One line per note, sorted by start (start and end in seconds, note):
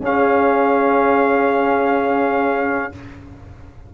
0.00 2.89 C#4
0.00 2.92 C#4
0.00 2.92 G#4
0.00 2.94 F5